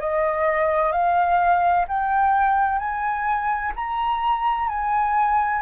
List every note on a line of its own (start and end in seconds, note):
0.00 0.92 D#5
0.92 1.85 F5
1.88 2.79 G5
2.79 3.72 G#5
3.75 4.68 A#5
4.68 5.62 G#5